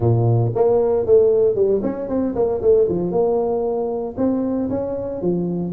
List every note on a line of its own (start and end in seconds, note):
0.00 0.52 A#2
0.55 1.06 A#3
1.06 1.55 A3
1.55 1.81 G3
1.82 2.08 C#4
2.08 2.34 C4
2.35 2.61 A#3
2.61 2.87 A3
2.88 3.11 F3
3.11 4.15 A#3
4.17 4.69 C4
4.69 5.21 C#4
5.21 5.72 F3